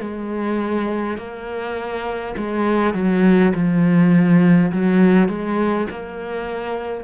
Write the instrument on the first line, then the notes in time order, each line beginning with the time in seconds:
cello
0.00 G#3
1.18 A#3
2.37 G#3
2.94 F#3
3.53 F3
4.72 F#3
5.28 G#3
5.90 A#3